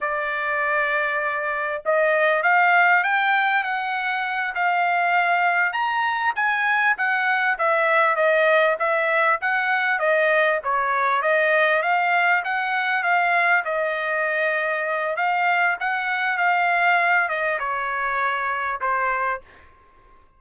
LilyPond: \new Staff \with { instrumentName = "trumpet" } { \time 4/4 \tempo 4 = 99 d''2. dis''4 | f''4 g''4 fis''4. f''8~ | f''4. ais''4 gis''4 fis''8~ | fis''8 e''4 dis''4 e''4 fis''8~ |
fis''8 dis''4 cis''4 dis''4 f''8~ | f''8 fis''4 f''4 dis''4.~ | dis''4 f''4 fis''4 f''4~ | f''8 dis''8 cis''2 c''4 | }